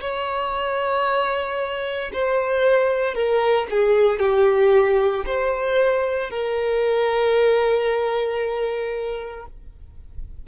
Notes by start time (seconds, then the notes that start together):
0.00 C#5
2.13 C5
3.14 A#4
3.70 G#4
4.19 G4
5.25 C5
6.30 A#4